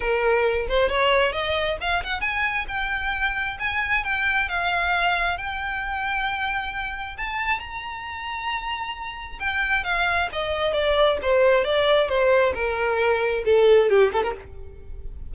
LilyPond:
\new Staff \with { instrumentName = "violin" } { \time 4/4 \tempo 4 = 134 ais'4. c''8 cis''4 dis''4 | f''8 fis''8 gis''4 g''2 | gis''4 g''4 f''2 | g''1 |
a''4 ais''2.~ | ais''4 g''4 f''4 dis''4 | d''4 c''4 d''4 c''4 | ais'2 a'4 g'8 a'16 ais'16 | }